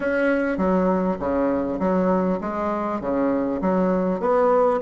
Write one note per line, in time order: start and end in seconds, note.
0.00 0.57 C#4
0.57 1.17 F#3
1.19 1.79 C#3
1.79 2.39 F#3
2.40 3.00 G#3
3.01 3.61 C#3
3.61 4.19 F#3
4.19 4.79 B3